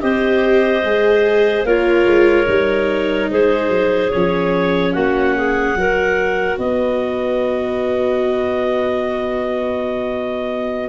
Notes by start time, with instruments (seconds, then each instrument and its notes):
0.00 tuba C4, viola G4, clarinet C5 D#5
0.84 tuba G#3, viola G#4
1.65 tuba A#3, viola F4, clarinet A#4 C#5
2.06 tuba G#3
2.47 tuba G3, viola D#4
3.31 tuba G#3, clarinet G#4 C5
3.70 tuba F#3
4.11 tuba F3, viola C#4, clarinet C#5
4.93 tuba A#3, clarinet F#4 F#5
5.37 clarinet G#4
5.76 tuba F#3, viola F#4, clarinet A#4
6.58 tuba B3, clarinet B4 D#5